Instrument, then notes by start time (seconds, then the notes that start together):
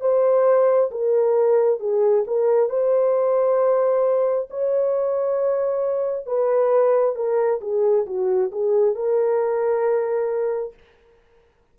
horn
0.00 C5
0.91 A#4
1.79 G#4
2.26 A#4
2.69 C5
4.50 C#5
6.26 B4
7.15 A#4
7.61 G#4
8.06 F#4
8.52 G#4
8.94 A#4